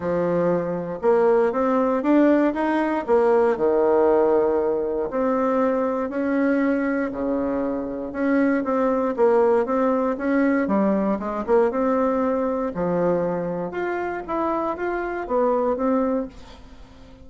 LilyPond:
\new Staff \with { instrumentName = "bassoon" } { \time 4/4 \tempo 4 = 118 f2 ais4 c'4 | d'4 dis'4 ais4 dis4~ | dis2 c'2 | cis'2 cis2 |
cis'4 c'4 ais4 c'4 | cis'4 g4 gis8 ais8 c'4~ | c'4 f2 f'4 | e'4 f'4 b4 c'4 | }